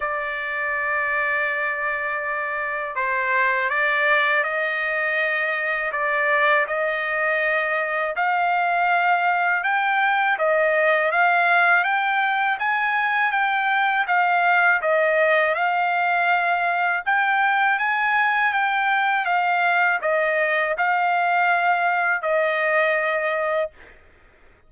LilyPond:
\new Staff \with { instrumentName = "trumpet" } { \time 4/4 \tempo 4 = 81 d''1 | c''4 d''4 dis''2 | d''4 dis''2 f''4~ | f''4 g''4 dis''4 f''4 |
g''4 gis''4 g''4 f''4 | dis''4 f''2 g''4 | gis''4 g''4 f''4 dis''4 | f''2 dis''2 | }